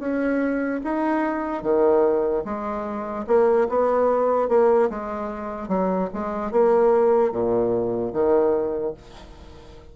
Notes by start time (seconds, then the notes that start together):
0.00 C#4
0.84 D#4
1.63 D#3
2.45 G#3
3.27 A#3
3.69 B3
4.49 A#3
4.91 G#3
5.69 F#3
6.14 G#3
6.52 A#3
7.32 A#2
8.13 D#3